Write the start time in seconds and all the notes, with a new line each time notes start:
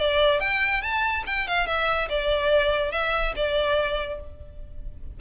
0.00 D5
0.40 G5
0.82 A5
1.27 G5
1.48 F5
1.67 E5
2.10 D5
2.92 E5
3.37 D5